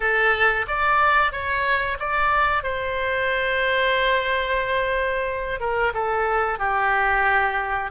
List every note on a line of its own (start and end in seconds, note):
0.00 0.66 A4
0.67 1.32 D5
1.32 1.98 C#5
1.99 2.63 D5
2.63 5.60 C5
5.60 5.93 A#4
5.93 6.58 A4
6.58 7.90 G4